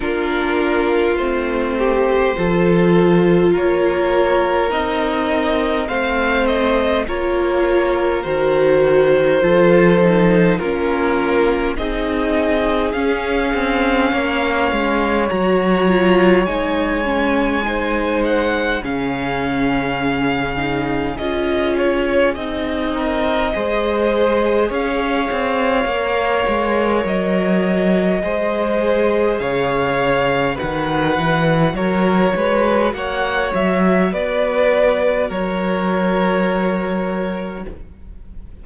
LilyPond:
<<
  \new Staff \with { instrumentName = "violin" } { \time 4/4 \tempo 4 = 51 ais'4 c''2 cis''4 | dis''4 f''8 dis''8 cis''4 c''4~ | c''4 ais'4 dis''4 f''4~ | f''4 ais''4 gis''4. fis''8 |
f''2 dis''8 cis''8 dis''4~ | dis''4 f''2 dis''4~ | dis''4 f''4 fis''4 cis''4 | fis''8 e''8 d''4 cis''2 | }
  \new Staff \with { instrumentName = "violin" } { \time 4/4 f'4. g'8 a'4 ais'4~ | ais'4 c''4 ais'2 | a'4 f'4 gis'2 | cis''2. c''4 |
gis'2.~ gis'8 ais'8 | c''4 cis''2. | c''4 cis''4 b'4 ais'8 b'8 | cis''4 b'4 ais'2 | }
  \new Staff \with { instrumentName = "viola" } { \time 4/4 d'4 c'4 f'2 | dis'4 c'4 f'4 fis'4 | f'8 dis'8 cis'4 dis'4 cis'4~ | cis'4 fis'8 f'8 dis'8 cis'8 dis'4 |
cis'4. dis'8 f'4 dis'4 | gis'2 ais'2 | gis'2 fis'2~ | fis'1 | }
  \new Staff \with { instrumentName = "cello" } { \time 4/4 ais4 a4 f4 ais4 | c'4 a4 ais4 dis4 | f4 ais4 c'4 cis'8 c'8 | ais8 gis8 fis4 gis2 |
cis2 cis'4 c'4 | gis4 cis'8 c'8 ais8 gis8 fis4 | gis4 cis4 dis8 e8 fis8 gis8 | ais8 fis8 b4 fis2 | }
>>